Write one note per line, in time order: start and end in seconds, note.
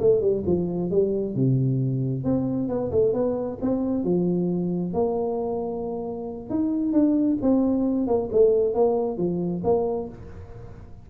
0.00 0.21 A3
0.21 0.44 G3
0.46 0.91 F3
0.91 1.35 G3
1.35 2.24 C3
2.24 2.69 C4
2.69 2.91 B3
2.92 3.14 A3
3.14 3.58 B3
3.62 4.04 C4
4.04 4.94 F3
4.94 6.50 A#3
6.50 6.93 D#4
6.93 7.38 D4
7.42 8.07 C4
8.07 8.29 A#3
8.32 8.74 A3
8.74 9.18 A#3
9.18 9.62 F3
9.64 10.09 A#3